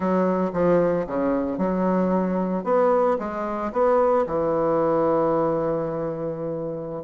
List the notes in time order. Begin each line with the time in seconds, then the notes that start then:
0.00 F#3
0.53 F3
1.06 C#3
1.58 F#3
2.64 B3
3.19 G#3
3.72 B3
4.26 E3